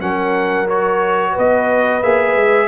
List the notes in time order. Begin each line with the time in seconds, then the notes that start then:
0.00 F#3 C#4 A#4 F#5
0.68 F#4 C#5
1.32 B3 B4
1.38 D#5
2.02 A#3 G#4 E5
2.35 G#3